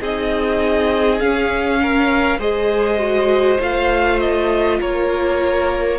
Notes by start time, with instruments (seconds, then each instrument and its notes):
0.00 cello C4, viola D#4, violin G#4 D#5
1.20 viola C#4, cello C#4, violin F5
1.82 violin A#4
2.38 cello G#3, viola G#4, violin C5 D#5
2.98 viola F#4
3.60 cello A3, viola F4, violin F5
4.20 violin D#5
4.80 cello A#3, violin A#4 C#5